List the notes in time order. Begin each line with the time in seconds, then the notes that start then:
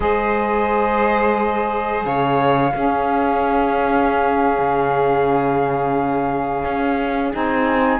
0.00 G#3 G#4 C5 D#5
2.05 C#3 C#5 F5
2.74 C#4 G#4
4.58 C#3
6.64 C#4
7.32 C4 D#4 G#5